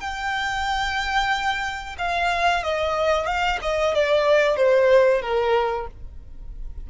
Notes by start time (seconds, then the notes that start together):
0.00 G5
1.98 F5
2.64 D#5
3.26 F5
3.62 D#5
3.94 D5
4.57 C5
5.22 A#4